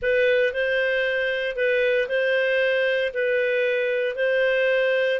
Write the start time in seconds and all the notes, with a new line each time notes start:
0.01 B4
0.53 C5
1.55 B4
2.08 C5
3.13 B4
4.15 C5